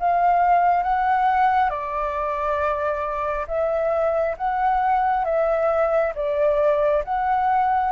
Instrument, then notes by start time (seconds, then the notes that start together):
flute
0.00 F5
0.83 F#5
1.70 D5
3.48 E5
4.38 F#5
5.25 E5
6.16 D5
7.05 F#5